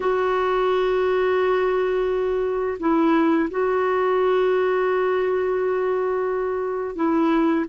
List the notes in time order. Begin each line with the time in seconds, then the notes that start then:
0.00 F#4
2.79 E4
3.50 F#4
6.95 E4